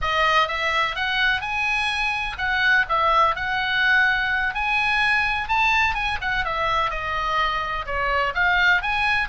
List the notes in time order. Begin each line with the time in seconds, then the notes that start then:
0.01 D#5
0.48 E5
0.95 F#5
1.41 G#5
2.38 F#5
2.89 E5
3.35 F#5
4.54 G#5
5.48 A5
5.94 G#5
6.21 F#5
6.45 E5
6.90 D#5
7.85 C#5
8.34 F5
8.82 G#5